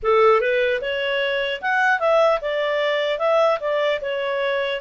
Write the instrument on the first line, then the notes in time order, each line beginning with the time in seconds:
clarinet
0.03 A4
0.40 B4
0.81 C#5
1.61 F#5
1.99 E5
2.41 D5
3.18 E5
3.60 D5
4.01 C#5